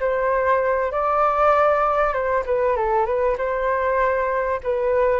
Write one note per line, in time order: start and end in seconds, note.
0.00 0.92 C5
0.92 2.13 D5
2.13 2.44 C5
2.46 2.76 B4
2.76 3.06 A4
3.06 3.36 B4
3.38 4.60 C5
4.63 5.20 B4